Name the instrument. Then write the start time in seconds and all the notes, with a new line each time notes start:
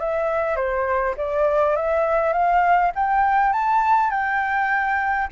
flute
0.00 E5
0.56 C5
1.17 D5
1.76 E5
2.33 F5
2.95 G5
3.53 A5
4.11 G5